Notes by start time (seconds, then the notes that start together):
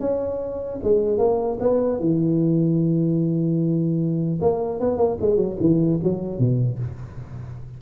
0.00 C#4
0.83 G#3
1.18 A#3
1.60 B3
1.99 E3
4.41 A#3
4.80 B3
4.97 A#3
5.21 G#3
5.36 F#3
5.60 E3
6.03 F#3
6.39 B2